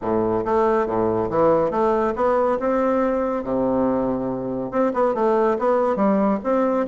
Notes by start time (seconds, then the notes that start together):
0.01 A2
0.45 A3
0.86 A2
1.30 E3
1.70 A3
2.15 B3
2.59 C4
3.43 C3
4.71 C4
4.93 B3
5.14 A3
5.58 B3
5.96 G3
6.43 C4